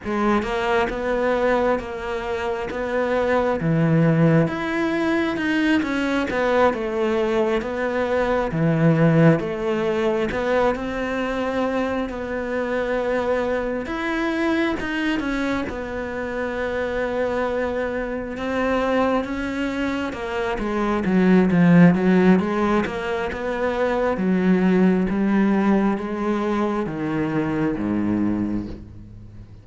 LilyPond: \new Staff \with { instrumentName = "cello" } { \time 4/4 \tempo 4 = 67 gis8 ais8 b4 ais4 b4 | e4 e'4 dis'8 cis'8 b8 a8~ | a8 b4 e4 a4 b8 | c'4. b2 e'8~ |
e'8 dis'8 cis'8 b2~ b8~ | b8 c'4 cis'4 ais8 gis8 fis8 | f8 fis8 gis8 ais8 b4 fis4 | g4 gis4 dis4 gis,4 | }